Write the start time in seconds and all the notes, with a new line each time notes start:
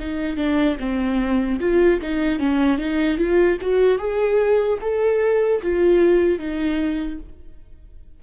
0.00 D#4
0.37 D4
0.80 C4
1.60 F4
2.02 D#4
2.40 C#4
2.79 D#4
3.18 F4
3.61 F#4
3.99 G#4
4.81 A4
5.63 F4
6.39 D#4